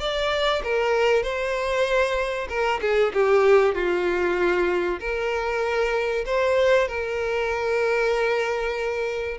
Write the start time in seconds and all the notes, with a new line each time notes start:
0.00 D5
0.64 A#4
1.23 C5
2.49 A#4
2.82 G#4
3.14 G4
3.75 F4
5.00 A#4
6.26 C5
6.88 A#4